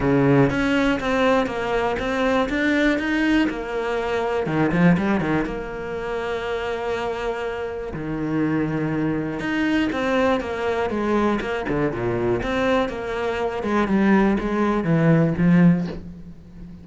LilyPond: \new Staff \with { instrumentName = "cello" } { \time 4/4 \tempo 4 = 121 cis4 cis'4 c'4 ais4 | c'4 d'4 dis'4 ais4~ | ais4 dis8 f8 g8 dis8 ais4~ | ais1 |
dis2. dis'4 | c'4 ais4 gis4 ais8 d8 | ais,4 c'4 ais4. gis8 | g4 gis4 e4 f4 | }